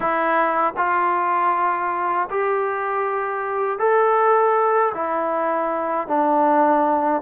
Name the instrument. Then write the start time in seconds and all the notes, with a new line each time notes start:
trombone
0.00 E4
0.76 F4
2.30 G4
3.78 A4
4.94 E4
6.07 D4